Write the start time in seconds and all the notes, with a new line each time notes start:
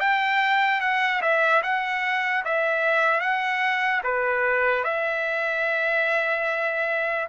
0.00 G5
0.81 F#5
1.22 E5
1.63 F#5
2.45 E5
3.21 F#5
4.04 B4
4.84 E5